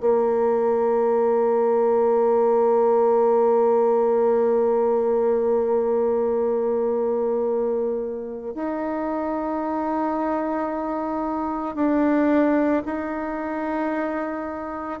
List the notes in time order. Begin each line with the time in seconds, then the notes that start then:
0.00 A#3
8.54 D#4
11.75 D4
12.85 D#4